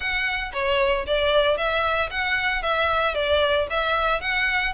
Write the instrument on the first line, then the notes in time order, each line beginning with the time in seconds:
violin
0.00 F#5
0.53 C#5
1.06 D5
1.57 E5
2.10 F#5
2.62 E5
3.14 D5
3.70 E5
4.20 F#5